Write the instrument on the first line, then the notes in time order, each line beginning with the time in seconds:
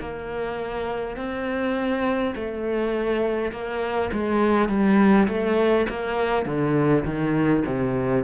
cello
0.00 A#3
1.17 C4
2.35 A3
3.52 A#3
4.13 G#3
4.68 G3
5.28 A3
5.89 A#3
6.45 D3
7.05 D#3
7.66 C3